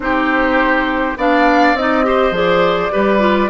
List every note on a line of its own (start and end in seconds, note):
0.00 1.14 C4
0.00 1.15 D#4
0.00 1.18 G4
0.00 1.17 C5
1.17 1.73 B3
1.17 1.77 D4
1.17 2.05 D5
1.17 1.76 F5
1.73 2.31 C4
1.73 2.03 D#4
1.73 2.35 D#5
2.03 2.32 G4
2.03 2.92 C5
2.31 2.89 F3
2.31 2.91 G#4
2.31 3.50 D5
2.91 3.50 G3
2.91 3.19 G4
2.91 3.50 B4
3.19 3.48 F4